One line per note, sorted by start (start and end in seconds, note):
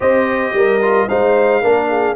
0.00 0.53 C4
0.00 0.80 G4
0.00 0.55 C5
0.00 1.08 D#5
0.53 1.07 G3
0.53 1.08 A#4
0.82 1.08 F4
1.08 1.63 G#3
1.08 1.62 D#4
1.08 1.61 C5
1.08 2.15 F5
1.61 2.15 A#3
1.61 2.15 D4
1.61 1.88 A#4
1.89 2.15 G#4